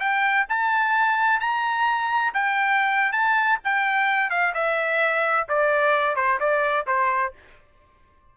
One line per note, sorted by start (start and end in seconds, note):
0.00 0.47 G5
0.49 1.40 A5
1.40 2.33 A#5
2.34 3.12 G5
3.12 3.59 A5
3.64 4.30 G5
4.30 4.54 F5
4.55 5.48 E5
5.49 6.16 D5
6.16 6.39 C5
6.40 6.87 D5
6.87 7.33 C5